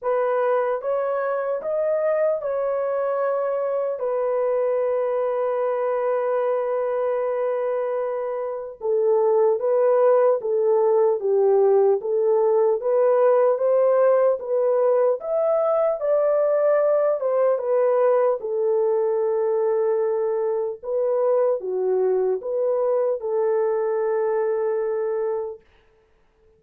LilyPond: \new Staff \with { instrumentName = "horn" } { \time 4/4 \tempo 4 = 75 b'4 cis''4 dis''4 cis''4~ | cis''4 b'2.~ | b'2. a'4 | b'4 a'4 g'4 a'4 |
b'4 c''4 b'4 e''4 | d''4. c''8 b'4 a'4~ | a'2 b'4 fis'4 | b'4 a'2. | }